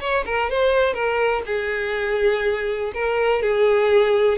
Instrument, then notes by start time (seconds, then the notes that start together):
violin
0.00 C#5
0.25 A#4
0.50 C5
0.94 A#4
1.46 G#4
2.94 A#4
3.42 G#4